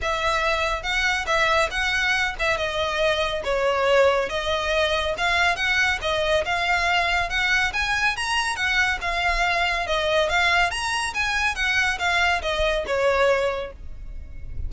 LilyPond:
\new Staff \with { instrumentName = "violin" } { \time 4/4 \tempo 4 = 140 e''2 fis''4 e''4 | fis''4. e''8 dis''2 | cis''2 dis''2 | f''4 fis''4 dis''4 f''4~ |
f''4 fis''4 gis''4 ais''4 | fis''4 f''2 dis''4 | f''4 ais''4 gis''4 fis''4 | f''4 dis''4 cis''2 | }